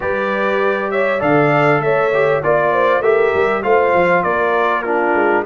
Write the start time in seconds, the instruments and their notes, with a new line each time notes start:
0.00 tuba G3, trombone G4, horn B4, trumpet D5
0.90 horn C#5, trumpet E5
1.19 tuba D3, trombone A4, horn D5, trumpet F5
1.79 tuba A3, horn C#5, trumpet E5
2.13 trombone G4
2.43 tuba A#3, trombone F4, trumpet D5, horn D5
2.73 horn C5
3.00 tuba A3, trombone G4, horn A#4, trumpet E5
3.34 tuba G3
3.62 tuba A3, trombone F4, horn C5, trumpet F5
3.93 tuba F3
4.23 tuba A#3, horn A#4, trumpet D5
4.82 trombone D4, horn F4, trumpet A#4
5.14 tuba G#3